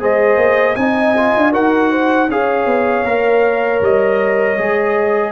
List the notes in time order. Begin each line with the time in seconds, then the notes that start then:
0.00 G#3 G#4 C5 D#5
0.37 A#3
0.76 C4 D#4 D#5 G#5
1.17 F4
1.37 D4
1.52 D#4 F#4 A#4 F#5
1.91 C5
2.28 C#4 G#4 C#5 F5
2.66 B3
3.05 A#3 A#4
3.81 G3 D#5
4.58 G#3 G#4